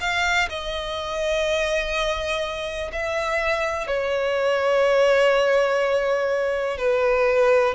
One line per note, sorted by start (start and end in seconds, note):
0.00 0.48 F5
0.49 2.91 D#5
2.92 3.87 E5
3.87 6.77 C#5
6.77 7.74 B4